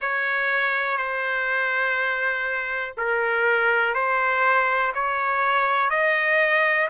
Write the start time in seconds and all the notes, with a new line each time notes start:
0.01 C#5
0.97 C5
2.97 A#4
3.94 C5
4.94 C#5
5.90 D#5